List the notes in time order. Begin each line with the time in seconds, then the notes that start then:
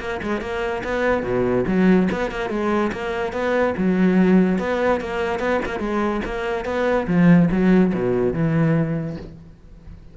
0.00 A#3
0.23 G#3
0.41 A#3
0.84 B3
1.23 B2
1.67 F#3
2.12 B3
2.31 A#3
2.50 G#3
2.92 A#3
3.33 B3
3.78 F#3
4.59 B3
5.01 A#3
5.40 B3
5.66 A#3
5.79 G#3
6.25 A#3
6.65 B3
7.08 F3
7.51 F#3
7.94 B2
8.34 E3